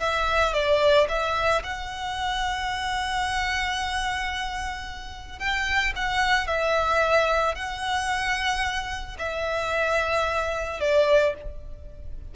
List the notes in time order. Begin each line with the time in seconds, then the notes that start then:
0.00 E5
0.54 D5
1.09 E5
1.64 F#5
5.39 G5
5.96 F#5
6.47 E5
7.55 F#5
9.19 E5
10.80 D5